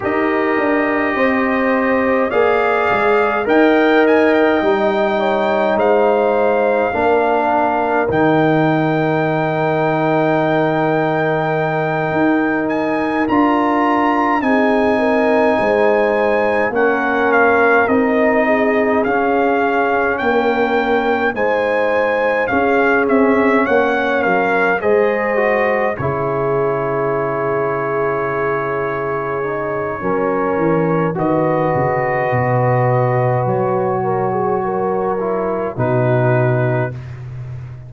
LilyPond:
<<
  \new Staff \with { instrumentName = "trumpet" } { \time 4/4 \tempo 4 = 52 dis''2 f''4 g''8 gis''16 g''16~ | g''4 f''2 g''4~ | g''2. gis''8 ais''8~ | ais''8 gis''2 fis''8 f''8 dis''8~ |
dis''8 f''4 g''4 gis''4 f''8 | e''8 fis''8 f''8 dis''4 cis''4.~ | cis''2. dis''4~ | dis''4 cis''2 b'4 | }
  \new Staff \with { instrumentName = "horn" } { \time 4/4 ais'4 c''4 d''4 dis''4~ | dis''8 cis''8 c''4 ais'2~ | ais'1~ | ais'8 gis'8 ais'8 c''4 ais'4. |
gis'4. ais'4 c''4 gis'8~ | gis'8 cis''8 ais'8 c''4 gis'4.~ | gis'2 ais'4 b'4~ | b'4. ais'16 gis'16 ais'4 fis'4 | }
  \new Staff \with { instrumentName = "trombone" } { \time 4/4 g'2 gis'4 ais'4 | dis'2 d'4 dis'4~ | dis'2.~ dis'8 f'8~ | f'8 dis'2 cis'4 dis'8~ |
dis'8 cis'2 dis'4 cis'8~ | cis'4. gis'8 fis'8 e'4.~ | e'4. dis'8 cis'4 fis'4~ | fis'2~ fis'8 e'8 dis'4 | }
  \new Staff \with { instrumentName = "tuba" } { \time 4/4 dis'8 d'8 c'4 ais8 gis8 dis'4 | g4 gis4 ais4 dis4~ | dis2~ dis8 dis'4 d'8~ | d'8 c'4 gis4 ais4 c'8~ |
c'8 cis'4 ais4 gis4 cis'8 | c'8 ais8 fis8 gis4 cis4.~ | cis2 fis8 e8 dis8 cis8 | b,4 fis2 b,4 | }
>>